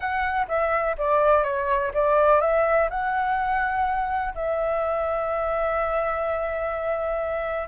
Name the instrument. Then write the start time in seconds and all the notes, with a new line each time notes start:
flute
0.00 F#5
0.48 E5
0.98 D5
1.43 C#5
1.94 D5
2.40 E5
2.89 F#5
4.34 E5